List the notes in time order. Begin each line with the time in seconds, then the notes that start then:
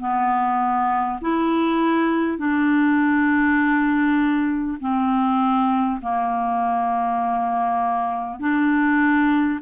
0.00 B3
1.22 E4
2.38 D4
4.81 C4
6.02 A#3
8.40 D4